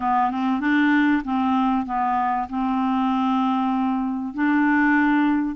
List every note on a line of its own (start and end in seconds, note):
0.00 0.31 B3
0.31 0.60 C4
0.60 1.22 D4
1.24 1.86 C4
1.86 2.47 B3
2.49 4.34 C4
4.34 5.55 D4